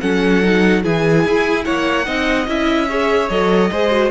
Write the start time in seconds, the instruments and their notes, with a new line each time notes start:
0.00 cello F#3, viola C#4, violin A4 F#5
0.42 viola D#4
0.82 cello E3, viola E4, violin G#4 G#5
1.25 cello E4
1.64 cello A#3, violin C#5 F#5
2.05 cello C4, viola D#4, violin D#5
2.47 cello C#4, viola E4, violin E5
2.88 viola G#4, violin C#5
3.29 cello F#3, viola A4, violin D#5
3.71 cello G#3, viola G#4, violin C5
3.90 viola F#4